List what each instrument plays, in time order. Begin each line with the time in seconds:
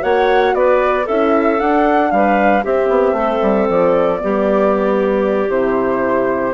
0.00 bassoon A#3, horn F#4, clarinet C#5, flute F#5
0.54 bassoon B3, clarinet B4, flute D5
1.05 bassoon C#4, horn E4, clarinet A4, flute E5
1.59 bassoon D4, horn D4, flute F#5
2.11 bassoon G3, clarinet B4, flute F5
2.63 horn C4, bassoon C4, clarinet G4, flute E5
2.88 bassoon B3
3.12 bassoon A3, clarinet A4
3.42 bassoon G3
3.69 bassoon F3, flute D5
4.18 bassoon G3, horn B3, clarinet G4
5.48 bassoon C3, horn E4, flute C5